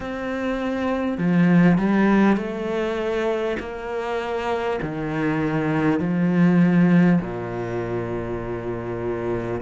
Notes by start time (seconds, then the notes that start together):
0.00 C4
1.18 F3
1.78 G3
2.37 A3
3.59 A#3
4.82 D#3
5.99 F3
7.21 A#2